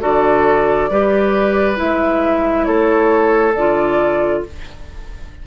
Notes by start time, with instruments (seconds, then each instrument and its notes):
0.00 bassoon D3, clarinet F#4, oboe A4, flute D5
0.90 bassoon G3, clarinet G4, oboe B4
1.76 bassoon G#3, clarinet E4, flute E5
2.64 bassoon A3, oboe A4, flute C#5
3.54 bassoon D3, clarinet F4, flute D5